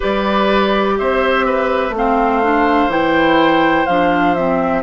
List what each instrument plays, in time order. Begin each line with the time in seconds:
0.00 bassoon G3, clarinet G4, oboe B4, flute D5
0.98 bassoon C4, oboe C5, flute E5
1.46 oboe B4
1.89 bassoon A3
1.95 clarinet C4, oboe C5, flute F5
2.42 clarinet D4
2.88 bassoon E3, clarinet E4, flute G5
3.86 bassoon F3, clarinet D4, flute F5
4.34 clarinet C4, flute E5